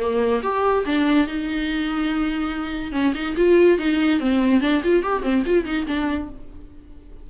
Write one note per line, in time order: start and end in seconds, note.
0.00 0.42 A#3
0.43 0.85 G4
0.86 1.28 D4
1.28 2.93 D#4
2.93 3.14 C#4
3.15 3.36 D#4
3.37 3.79 F4
3.79 4.21 D#4
4.21 4.61 C4
4.61 4.82 D4
4.84 5.03 F4
5.03 5.23 G4
5.23 5.44 C4
5.46 5.65 F4
5.65 5.86 D#4
5.88 6.30 D4